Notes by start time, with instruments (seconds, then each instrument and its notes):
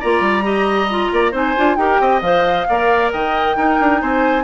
0.00 bassoon A#3, clarinet F4, oboe D5, flute A#5
0.21 bassoon G3
0.43 clarinet G4, oboe D#5
0.90 clarinet F4
1.12 bassoon A#3, oboe D5
1.32 bassoon C4, clarinet D#4, oboe C5, flute G#5
1.57 bassoon D4, clarinet F4
1.76 bassoon D#4, clarinet G4, oboe A#4, flute G5
2.01 bassoon C4, oboe D#5
2.21 bassoon F3, clarinet C5, flute F5
2.69 bassoon A#3, clarinet A#4, oboe D5
3.13 bassoon D#3, oboe D#5, flute G5
3.57 clarinet D#4, bassoon D#4, oboe A#4
3.80 bassoon D4
4.01 bassoon C4, oboe C5, flute G#5